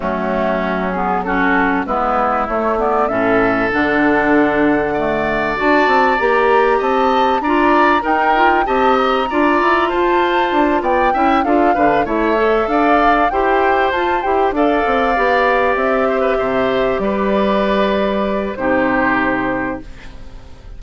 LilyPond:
<<
  \new Staff \with { instrumentName = "flute" } { \time 4/4 \tempo 4 = 97 fis'4. gis'8 a'4 b'4 | cis''8 d''8 e''4 fis''2~ | fis''4 a''4 ais''4 a''4 | ais''4 g''4 a''8 ais''4. |
a''4. g''4 f''4 e''8~ | e''8 f''4 g''4 a''8 g''8 f''8~ | f''4. e''2 d''8~ | d''2 c''2 | }
  \new Staff \with { instrumentName = "oboe" } { \time 4/4 cis'2 fis'4 e'4~ | e'4 a'2. | d''2. dis''4 | d''4 ais'4 dis''4 d''4 |
c''4. d''8 e''8 a'8 b'8 cis''8~ | cis''8 d''4 c''2 d''8~ | d''2 c''16 b'16 c''4 b'8~ | b'2 g'2 | }
  \new Staff \with { instrumentName = "clarinet" } { \time 4/4 a4. b8 cis'4 b4 | a8 b8 cis'4 d'2 | a4 fis'4 g'2 | f'4 dis'8 f'8 g'4 f'4~ |
f'2 e'8 f'8 d'8 e'8 | a'4. g'4 f'8 g'8 a'8~ | a'8 g'2.~ g'8~ | g'2 dis'2 | }
  \new Staff \with { instrumentName = "bassoon" } { \time 4/4 fis2. gis4 | a4 a,4 d2~ | d4 d'8 c'8 ais4 c'4 | d'4 dis'4 c'4 d'8 e'8 |
f'4 d'8 b8 cis'8 d'8 d8 a8~ | a8 d'4 e'4 f'8 e'8 d'8 | c'8 b4 c'4 c4 g8~ | g2 c2 | }
>>